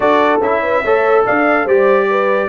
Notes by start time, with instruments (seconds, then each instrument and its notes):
0.00 tuba D4, trombone F#4, horn A4, trumpet D5
0.41 tuba C#4, trombone E4, trumpet E5
0.62 horn B4
0.83 tuba A3, trombone A4, horn C#5
1.25 tuba D4, horn D5, trumpet F5
1.64 tuba G3, trombone G4, horn C5, trumpet D5
2.09 horn B4